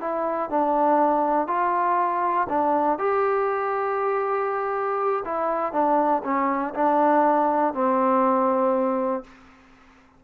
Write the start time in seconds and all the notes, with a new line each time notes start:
0.00 E4
0.50 D4
1.47 F4
2.49 D4
2.98 G4
5.25 E4
5.72 D4
6.23 C#4
6.74 D4
7.74 C4